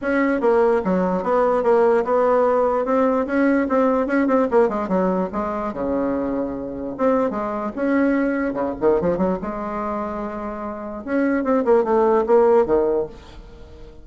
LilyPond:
\new Staff \with { instrumentName = "bassoon" } { \time 4/4 \tempo 4 = 147 cis'4 ais4 fis4 b4 | ais4 b2 c'4 | cis'4 c'4 cis'8 c'8 ais8 gis8 | fis4 gis4 cis2~ |
cis4 c'4 gis4 cis'4~ | cis'4 cis8 dis8 f8 fis8 gis4~ | gis2. cis'4 | c'8 ais8 a4 ais4 dis4 | }